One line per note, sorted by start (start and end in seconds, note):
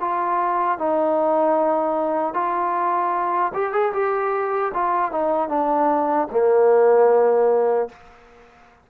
0.00 0.78 F4
0.78 2.33 D#4
2.33 3.52 F4
3.53 3.72 G4
3.72 3.92 G#4
3.93 4.72 G4
4.73 5.11 F4
5.11 5.48 D#4
5.48 6.27 D4
6.31 7.89 A#3